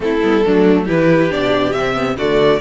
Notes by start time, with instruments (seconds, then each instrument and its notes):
0.00 cello A3, viola C4, violin E4 A4
0.22 cello G3, viola B3
0.44 cello F#3, viola A3, violin D4
0.84 cello E3, viola E4, violin G4 B4
1.29 cello B2, viola D4, violin D5
1.72 cello C3, viola C4, violin E5
1.93 viola B3
2.17 cello D3, viola A3, violin F#4 D5